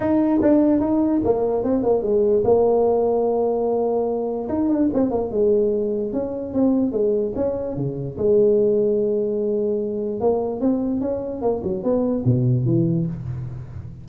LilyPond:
\new Staff \with { instrumentName = "tuba" } { \time 4/4 \tempo 4 = 147 dis'4 d'4 dis'4 ais4 | c'8 ais8 gis4 ais2~ | ais2. dis'8 d'8 | c'8 ais8 gis2 cis'4 |
c'4 gis4 cis'4 cis4 | gis1~ | gis4 ais4 c'4 cis'4 | ais8 fis8 b4 b,4 e4 | }